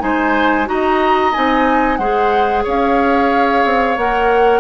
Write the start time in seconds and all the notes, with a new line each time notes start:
0.00 G#3 D#4 C5 G#5
0.65 D#4 F#4 D#5 A#5
1.33 C4 D#4 G#5
1.97 G#3 G#4 C5 F#5
2.64 C#4 C#5 F5
3.65 C4
3.97 A#3 A#4 F#5